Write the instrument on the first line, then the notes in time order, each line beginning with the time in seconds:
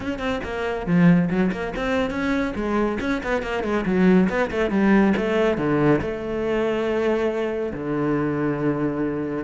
cello
0.00 C#4
0.18 C4
0.43 A#3
0.86 F3
1.30 F#3
1.52 A#3
1.76 C4
2.10 C#4
2.55 G#3
3.00 C#4
3.23 B3
3.42 A#3
3.63 G#3
3.85 F#3
4.29 B3
4.51 A3
4.70 G3
5.16 A3
5.57 D3
6.01 A3
7.73 D3